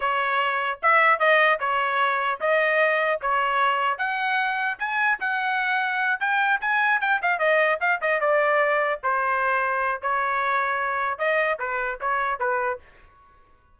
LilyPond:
\new Staff \with { instrumentName = "trumpet" } { \time 4/4 \tempo 4 = 150 cis''2 e''4 dis''4 | cis''2 dis''2 | cis''2 fis''2 | gis''4 fis''2~ fis''8 g''8~ |
g''8 gis''4 g''8 f''8 dis''4 f''8 | dis''8 d''2 c''4.~ | c''4 cis''2. | dis''4 b'4 cis''4 b'4 | }